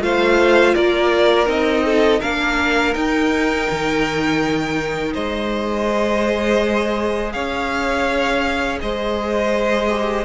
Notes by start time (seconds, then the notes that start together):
0.00 A3 F4 C5 F5
0.75 A#3 A#4 D5
1.46 C4 D#4 D#5
1.85 A4
2.20 A#3 D4 A#4 F5
2.94 D#4 G5
3.71 D#3
5.14 G#3 C5 D#5
5.87 G#4
7.32 C#4 C#5 F5
8.81 G#3 C5 D#5
9.89 G4